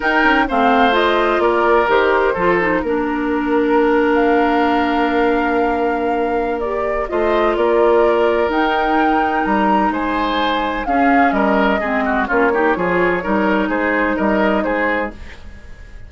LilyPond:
<<
  \new Staff \with { instrumentName = "flute" } { \time 4/4 \tempo 4 = 127 g''4 f''4 dis''4 d''4 | c''2 ais'2~ | ais'8. f''2.~ f''16~ | f''2 d''4 dis''4 |
d''2 g''2 | ais''4 gis''2 f''4 | dis''2 cis''2~ | cis''4 c''4 dis''4 c''4 | }
  \new Staff \with { instrumentName = "oboe" } { \time 4/4 ais'4 c''2 ais'4~ | ais'4 a'4 ais'2~ | ais'1~ | ais'2. c''4 |
ais'1~ | ais'4 c''2 gis'4 | ais'4 gis'8 fis'8 f'8 g'8 gis'4 | ais'4 gis'4 ais'4 gis'4 | }
  \new Staff \with { instrumentName = "clarinet" } { \time 4/4 dis'4 c'4 f'2 | g'4 f'8 dis'8 d'2~ | d'1~ | d'2 g'4 f'4~ |
f'2 dis'2~ | dis'2. cis'4~ | cis'4 c'4 cis'8 dis'8 f'4 | dis'1 | }
  \new Staff \with { instrumentName = "bassoon" } { \time 4/4 dis'8 cis'8 a2 ais4 | dis4 f4 ais2~ | ais1~ | ais2. a4 |
ais2 dis'2 | g4 gis2 cis'4 | g4 gis4 ais4 f4 | g4 gis4 g4 gis4 | }
>>